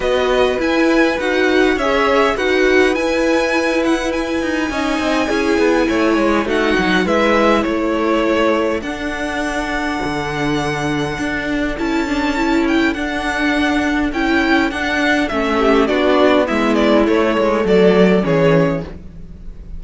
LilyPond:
<<
  \new Staff \with { instrumentName = "violin" } { \time 4/4 \tempo 4 = 102 dis''4 gis''4 fis''4 e''4 | fis''4 gis''4. fis''8 gis''4~ | gis''2. fis''4 | e''4 cis''2 fis''4~ |
fis''1 | a''4. g''8 fis''2 | g''4 fis''4 e''4 d''4 | e''8 d''8 cis''4 d''4 cis''4 | }
  \new Staff \with { instrumentName = "violin" } { \time 4/4 b'2. cis''4 | b'1 | dis''4 gis'4 cis''4 fis'4 | b'4 a'2.~ |
a'1~ | a'1~ | a'2~ a'8 g'8 fis'4 | e'2 a'4 gis'4 | }
  \new Staff \with { instrumentName = "viola" } { \time 4/4 fis'4 e'4 fis'4 gis'4 | fis'4 e'2. | dis'4 e'2 dis'4 | e'2. d'4~ |
d'1 | e'8 d'8 e'4 d'2 | e'4 d'4 cis'4 d'4 | b4 a2 cis'4 | }
  \new Staff \with { instrumentName = "cello" } { \time 4/4 b4 e'4 dis'4 cis'4 | dis'4 e'2~ e'8 dis'8 | cis'8 c'8 cis'8 b8 a8 gis8 a8 fis8 | gis4 a2 d'4~ |
d'4 d2 d'4 | cis'2 d'2 | cis'4 d'4 a4 b4 | gis4 a8 gis8 fis4 e4 | }
>>